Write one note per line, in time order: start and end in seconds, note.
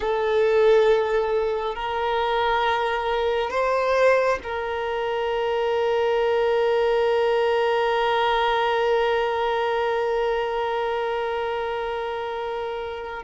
0.00 1.74 A4
1.75 3.50 A#4
3.50 4.38 C5
4.43 13.23 A#4